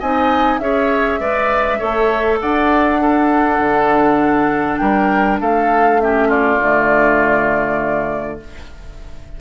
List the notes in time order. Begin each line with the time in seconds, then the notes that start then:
0.00 C4 D#4 D#5 G#5
0.59 C#4 G#4 C#5 E5
1.20 G#3 B4 D5
1.79 A3 A4 C#5
2.41 D4 D5 F#5
3.01 D4 A4
3.59 D3
4.78 G3 A#4 G5
5.41 A3 A4 F5
6.00 C#4 G4 E5
6.28 F4 D5
6.59 D3 A3